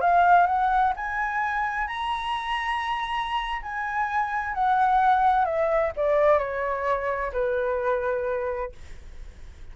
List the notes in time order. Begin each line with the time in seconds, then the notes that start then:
0.00 F5
0.46 F#5
0.96 G#5
1.87 A#5
3.62 G#5
4.54 F#5
5.45 E5
5.96 D5
6.38 C#5
7.32 B4